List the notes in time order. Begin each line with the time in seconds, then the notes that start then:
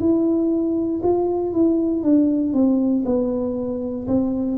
0.00 E4
1.03 F4
1.53 E4
2.03 D4
2.54 C4
3.05 B3
4.07 C4